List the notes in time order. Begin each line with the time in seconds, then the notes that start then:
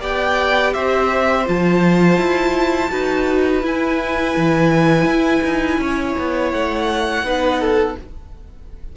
0.00 B3 G4 D5 G5
0.73 C4 C5 E5
1.45 F3 F4 A5
2.17 E4
2.90 D#4 F#4 B4
3.62 E4 G#5
4.36 E3
5.05 E4
5.43 D#4
5.78 C#4 C#5
6.18 B3
6.52 A3 F#5
7.22 B3 D#4 B4
7.60 A4